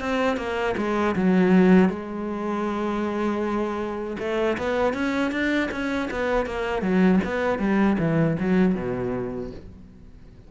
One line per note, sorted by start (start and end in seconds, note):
0.00 0.37 C4
0.37 0.75 A#3
0.77 1.15 G#3
1.16 1.89 F#3
1.89 4.17 G#3
4.19 4.57 A3
4.58 4.93 B3
4.93 5.31 C#4
5.31 5.69 D4
5.71 6.09 C#4
6.11 6.46 B3
6.46 6.82 A#3
6.82 7.20 F#3
7.25 7.59 B3
7.59 7.97 G3
7.99 8.37 E3
8.40 8.75 F#3
8.75 9.51 B2